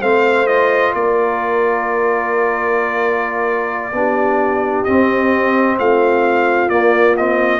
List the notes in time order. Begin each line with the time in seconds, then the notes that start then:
0.00 A3 C4 C5 F5
0.46 F4 D#5
0.94 A#3 A#4 D5
3.92 B3 D4 G4
4.84 C4 D#5
5.78 A3 F4 F5
6.68 A#3 D5
7.17 C4 D#5